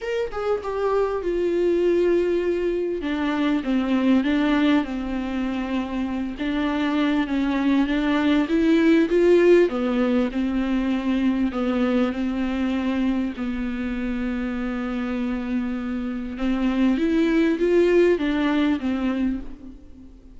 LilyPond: \new Staff \with { instrumentName = "viola" } { \time 4/4 \tempo 4 = 99 ais'8 gis'8 g'4 f'2~ | f'4 d'4 c'4 d'4 | c'2~ c'8 d'4. | cis'4 d'4 e'4 f'4 |
b4 c'2 b4 | c'2 b2~ | b2. c'4 | e'4 f'4 d'4 c'4 | }